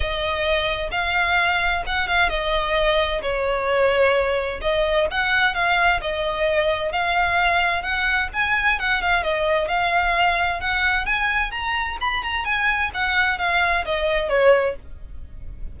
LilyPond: \new Staff \with { instrumentName = "violin" } { \time 4/4 \tempo 4 = 130 dis''2 f''2 | fis''8 f''8 dis''2 cis''4~ | cis''2 dis''4 fis''4 | f''4 dis''2 f''4~ |
f''4 fis''4 gis''4 fis''8 f''8 | dis''4 f''2 fis''4 | gis''4 ais''4 b''8 ais''8 gis''4 | fis''4 f''4 dis''4 cis''4 | }